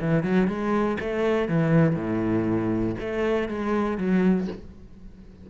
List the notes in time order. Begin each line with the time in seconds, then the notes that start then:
0.00 E3
0.23 F#3
0.47 G#3
1.00 A3
1.48 E3
1.95 A2
3.00 A3
3.48 G#3
3.97 F#3